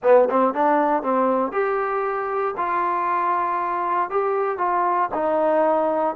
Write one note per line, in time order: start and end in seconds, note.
0.03 0.28 B3
0.30 0.53 C4
0.53 1.03 D4
1.03 1.52 C4
1.52 2.54 G4
2.57 4.10 F4
4.10 4.58 G4
4.58 5.09 F4
5.14 6.15 D#4